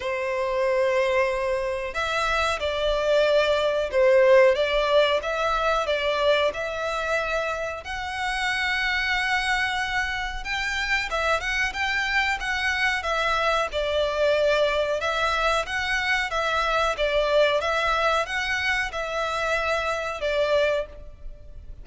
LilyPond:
\new Staff \with { instrumentName = "violin" } { \time 4/4 \tempo 4 = 92 c''2. e''4 | d''2 c''4 d''4 | e''4 d''4 e''2 | fis''1 |
g''4 e''8 fis''8 g''4 fis''4 | e''4 d''2 e''4 | fis''4 e''4 d''4 e''4 | fis''4 e''2 d''4 | }